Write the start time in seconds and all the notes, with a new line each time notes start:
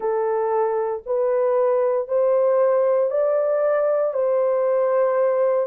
0.00 A4
1.06 B4
2.07 C5
3.10 D5
4.13 C5